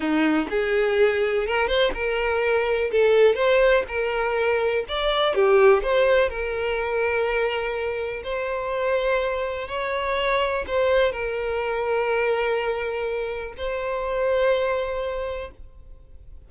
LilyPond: \new Staff \with { instrumentName = "violin" } { \time 4/4 \tempo 4 = 124 dis'4 gis'2 ais'8 c''8 | ais'2 a'4 c''4 | ais'2 d''4 g'4 | c''4 ais'2.~ |
ais'4 c''2. | cis''2 c''4 ais'4~ | ais'1 | c''1 | }